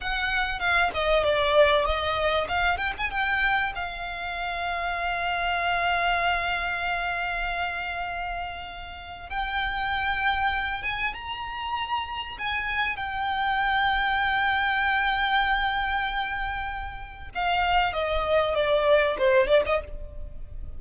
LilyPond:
\new Staff \with { instrumentName = "violin" } { \time 4/4 \tempo 4 = 97 fis''4 f''8 dis''8 d''4 dis''4 | f''8 g''16 gis''16 g''4 f''2~ | f''1~ | f''2. g''4~ |
g''4. gis''8 ais''2 | gis''4 g''2.~ | g''1 | f''4 dis''4 d''4 c''8 d''16 dis''16 | }